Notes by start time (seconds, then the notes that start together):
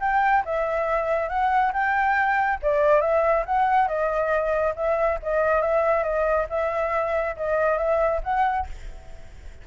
0.00 G5
0.45 E5
1.29 F#5
1.73 G5
2.62 D5
3.00 E5
3.45 F#5
3.87 D#5
4.75 E5
5.22 D#5
5.61 E5
6.03 D#5
6.49 E5
7.36 D#5
7.78 E5
8.23 F#5